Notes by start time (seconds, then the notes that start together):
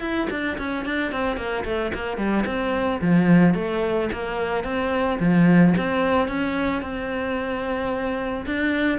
0.00 E4
0.30 D4
0.58 C#4
0.85 D4
1.12 C4
1.36 A#3
1.64 A3
1.94 A#3
2.17 G3
2.46 C4
3.01 F3
3.54 A3
4.13 A#3
4.64 C4
5.19 F3
5.77 C4
6.28 C#4
6.82 C4
8.45 D4